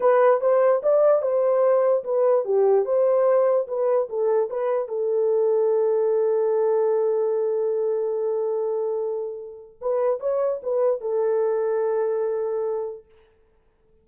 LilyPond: \new Staff \with { instrumentName = "horn" } { \time 4/4 \tempo 4 = 147 b'4 c''4 d''4 c''4~ | c''4 b'4 g'4 c''4~ | c''4 b'4 a'4 b'4 | a'1~ |
a'1~ | a'1 | b'4 cis''4 b'4 a'4~ | a'1 | }